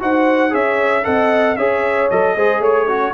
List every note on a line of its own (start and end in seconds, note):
0.00 0.54 D#4
0.00 0.50 F#4
0.00 0.52 C5
0.00 0.54 F#5
0.50 1.06 C#4
0.50 1.03 G#4
0.50 1.04 C#5
0.50 1.05 E5
1.04 1.57 C4
1.04 1.56 A4
1.04 1.57 D#5
1.04 1.57 F#5
1.57 2.09 C#4
1.57 2.11 G#4
1.57 2.36 C#5
1.57 2.09 E5
2.10 2.35 F#3
2.10 2.37 A4
2.10 2.62 D#5
2.35 2.60 G#3
2.35 2.89 G#4
2.35 2.60 C5
2.60 3.12 A3
2.60 2.87 C#5
2.60 3.14 C#5
2.87 3.13 C#4
2.87 3.14 F#4